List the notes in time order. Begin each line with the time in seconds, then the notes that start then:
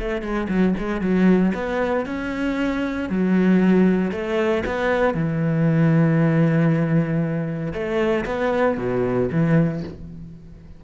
0.00 A3
0.22 G#3
0.49 F#3
0.79 G#3
1.02 F#3
1.55 B3
2.06 C#4
3.10 F#3
4.12 A3
4.66 B3
5.15 E3
7.74 A3
8.26 B3
8.78 B2
9.32 E3